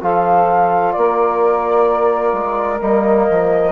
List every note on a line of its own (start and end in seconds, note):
0.00 0.96 F3
0.00 2.79 F4
0.00 0.95 A4
0.00 0.93 F5
0.93 2.33 A#3
0.93 3.72 A#4
0.93 2.80 D5
2.33 2.80 G#3
2.79 3.28 G3
2.79 3.72 A#3
2.79 3.72 D#5
3.30 3.72 F3